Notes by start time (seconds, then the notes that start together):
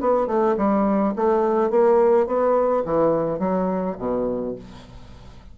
0.00 B3
0.27 A3
0.57 G3
1.15 A3
1.70 A#3
2.26 B3
2.84 E3
3.39 F#3
3.98 B2